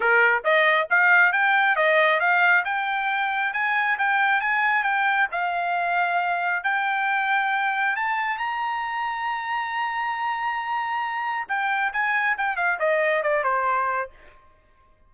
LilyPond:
\new Staff \with { instrumentName = "trumpet" } { \time 4/4 \tempo 4 = 136 ais'4 dis''4 f''4 g''4 | dis''4 f''4 g''2 | gis''4 g''4 gis''4 g''4 | f''2. g''4~ |
g''2 a''4 ais''4~ | ais''1~ | ais''2 g''4 gis''4 | g''8 f''8 dis''4 d''8 c''4. | }